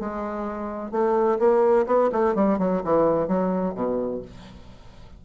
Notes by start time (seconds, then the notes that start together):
0.00 G#3
0.91 A3
1.39 A#3
1.87 B3
2.12 A3
2.35 G3
2.59 F#3
2.84 E3
3.28 F#3
3.75 B2